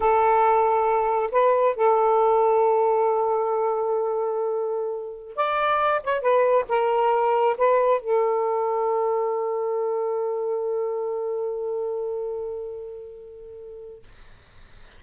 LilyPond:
\new Staff \with { instrumentName = "saxophone" } { \time 4/4 \tempo 4 = 137 a'2. b'4 | a'1~ | a'1~ | a'16 d''4. cis''8 b'4 ais'8.~ |
ais'4~ ais'16 b'4 a'4.~ a'16~ | a'1~ | a'1~ | a'1 | }